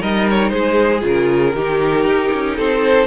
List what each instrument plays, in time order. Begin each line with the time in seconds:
0.00 cello G3, viola D#4, violin A#4 D#5
0.29 violin C#5
0.49 cello G#3, violin G#4 C5
1.00 cello C#3, viola F4
1.07 violin A#4
1.55 cello D#3, viola D#4, violin G4
2.05 cello D#4
2.33 cello C#4
2.57 cello C4, violin A4 C5